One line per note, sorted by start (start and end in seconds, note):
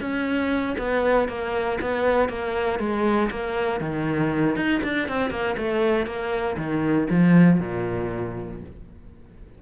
0.00 0.76 C#4
0.77 1.28 B3
1.28 1.79 A#3
1.80 2.28 B3
2.28 2.79 A#3
2.79 3.29 G#3
3.30 3.80 A#3
3.80 4.55 D#3
4.56 4.81 D#4
4.83 5.08 D4
5.08 5.30 C4
5.30 5.55 A#3
5.57 6.05 A3
6.05 6.56 A#3
6.57 7.07 D#3
7.09 7.60 F3
7.60 8.61 A#2